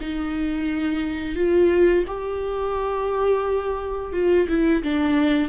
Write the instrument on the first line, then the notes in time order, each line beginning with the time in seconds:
viola
0.00 D#4
1.35 F4
2.07 G4
4.13 F4
4.48 E4
4.83 D4